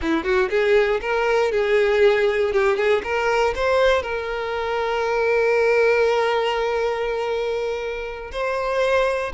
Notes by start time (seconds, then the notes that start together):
0.01 E4
0.24 F#4
0.50 G#4
1.01 A#4
1.51 G#4
2.52 G4
2.76 G#4
3.03 A#4
3.55 C5
4.02 A#4
8.31 C5